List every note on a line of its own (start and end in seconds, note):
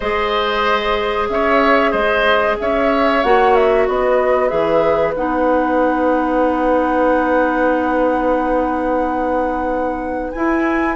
0.00 1.29 G#3
0.00 3.24 G#4
0.00 1.28 C5
0.00 1.28 D#5
1.29 1.93 C#4
1.29 1.91 C#5
1.29 1.92 E5
1.91 2.57 G#3
1.91 2.56 C5
1.91 2.56 D#5
2.59 3.24 C#4
2.59 3.87 C#5
2.59 3.23 E5
3.23 3.88 A#3
3.23 4.49 F#4
3.23 3.54 F#5
3.54 3.87 E5
3.87 4.51 B3
3.87 10.95 B4
3.87 4.48 D#5
4.48 5.16 E3
4.48 5.13 G#4
4.48 5.12 E5
5.16 10.32 B3
5.16 10.32 D#4
5.16 10.31 F#5
10.31 10.95 E4
10.31 10.95 G#5